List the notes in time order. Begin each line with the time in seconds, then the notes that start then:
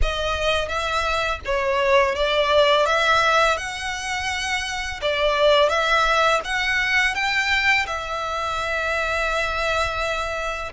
0.02 D#5
0.68 E5
1.45 C#5
2.15 D5
2.86 E5
3.57 F#5
5.01 D5
5.69 E5
6.44 F#5
7.14 G5
7.86 E5